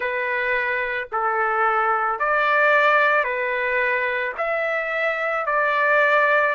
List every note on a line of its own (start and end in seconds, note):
0.00 1.08 B4
1.12 2.19 A4
2.19 3.23 D5
3.23 4.32 B4
4.37 5.45 E5
5.45 6.55 D5